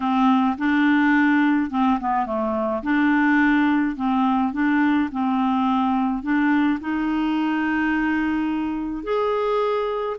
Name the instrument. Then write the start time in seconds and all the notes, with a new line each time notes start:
clarinet
0.00 C4
0.57 D4
1.70 C4
1.99 B3
2.25 A3
2.83 D4
3.96 C4
4.53 D4
5.11 C4
6.22 D4
6.80 D#4
9.03 G#4